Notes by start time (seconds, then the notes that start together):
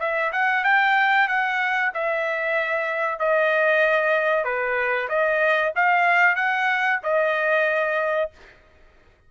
0.00 E5
0.33 F#5
0.64 G5
1.28 F#5
1.94 E5
3.20 D#5
4.44 B4
5.09 D#5
5.76 F5
6.36 F#5
7.03 D#5